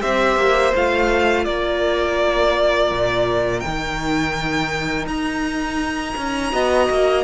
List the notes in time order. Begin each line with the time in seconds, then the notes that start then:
0.00 C4 G4 C5 E5
0.36 A#3
0.75 A3 F4 F5
1.45 A#3 A#4 D5
2.91 A#2
3.60 D#3 D#4 G5
5.06 D#4 A#5
6.17 C#4
6.53 B3 F#4 D#5
6.89 A#3